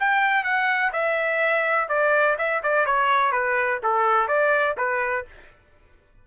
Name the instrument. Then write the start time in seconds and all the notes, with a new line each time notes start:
trumpet
0.00 G5
0.44 F#5
0.93 E5
1.89 D5
2.38 E5
2.63 D5
2.86 C#5
3.32 B4
3.83 A4
4.28 D5
4.77 B4